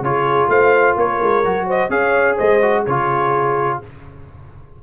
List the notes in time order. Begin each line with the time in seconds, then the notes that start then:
0.00 C#3 F4 G#4 C#5
0.48 A3 C5 F5
0.96 A#3 A#4 C#5
1.21 G#3
1.44 F#3 F#4
1.66 C5 D#5
1.89 C#4 G#4 C#5 F5
2.35 G#3 C5 D#5
2.62 F#4
2.84 C#3 F4 G#4 C#5